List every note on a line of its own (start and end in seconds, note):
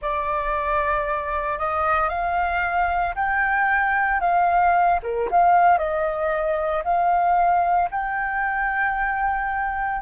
0.01 1.58 D5
1.58 2.09 D#5
2.09 3.14 F5
3.15 4.20 G5
4.20 4.99 F5
5.02 5.29 A#4
5.31 5.78 F5
5.78 6.83 D#5
6.84 7.89 F5
7.90 10.01 G5